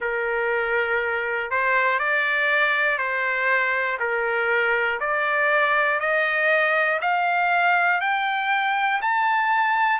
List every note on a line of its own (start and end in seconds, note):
0.00 1.50 A#4
1.50 1.99 C5
1.99 2.98 D5
2.98 3.98 C5
3.99 4.99 A#4
5.00 6.00 D5
6.00 7.00 D#5
7.00 8.00 F5
8.00 9.00 G5
9.01 9.99 A5